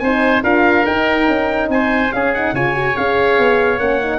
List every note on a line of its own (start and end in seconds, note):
0.00 0.43 C4
0.00 0.43 D#4
0.00 0.44 C5
0.00 0.42 G#5
0.43 0.86 D4
0.43 0.85 F4
0.43 1.69 A#4
0.43 0.86 F5
0.85 2.11 D#4
0.85 1.28 D#4
0.85 1.70 G5
1.28 1.69 C#4
1.69 2.11 C4
1.69 2.15 C5
1.69 2.12 G#5
2.12 2.53 C#4
2.12 2.35 C#4
2.12 2.55 G#4
2.12 2.33 F5
2.35 2.56 D#4
2.35 2.56 F#5
2.53 2.95 C#3
2.53 2.74 F4
2.53 4.19 C#5
2.53 2.97 G#5
2.74 2.94 F#4
2.97 3.39 C#4
2.97 3.80 G#4
2.97 3.79 F5
3.39 3.79 B3
3.79 4.19 A#3
3.79 4.01 C#4
3.79 4.19 F#5
4.01 4.19 D#4